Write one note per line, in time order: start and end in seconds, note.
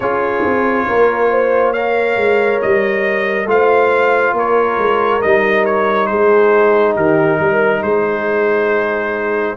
0.00 0.43 C#4
0.00 1.75 F4
0.00 0.86 G#4
0.00 1.72 C#5
0.44 0.88 C4
0.87 2.16 A#3
0.87 1.30 A#4
1.30 1.72 C5
1.72 3.47 A#4
1.72 3.46 C#5
1.72 2.59 F5
2.16 2.59 G#3
2.61 3.45 G3
2.61 3.48 D#5
3.45 4.32 A3
3.45 5.21 F4
3.45 4.35 C5
3.45 4.36 F5
4.32 4.76 A#3
4.32 6.09 A#4
4.32 5.21 C#5
4.78 5.21 G#3
5.21 6.11 G3
5.21 9.56 D#4
5.21 5.64 D#5
5.65 6.06 C#5
6.06 6.96 G#3
6.06 6.94 G#4
6.06 6.93 C5
6.94 7.39 D#3
6.94 7.38 G4
6.94 7.82 A#4
7.38 7.82 G3
7.38 7.82 A#4
7.82 9.56 G#3
7.82 9.56 G#4
7.82 9.56 C5